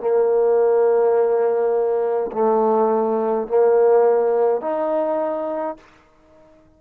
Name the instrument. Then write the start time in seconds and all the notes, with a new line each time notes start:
trombone
0.00 A#3
2.32 A3
3.47 A#3
4.61 D#4